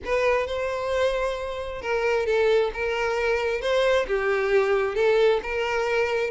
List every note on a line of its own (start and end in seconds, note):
0.04 0.46 B4
0.46 1.81 C5
1.81 2.26 A#4
2.26 2.71 A4
2.73 3.61 A#4
3.61 4.06 C5
4.07 4.95 G4
4.95 5.40 A4
5.42 6.30 A#4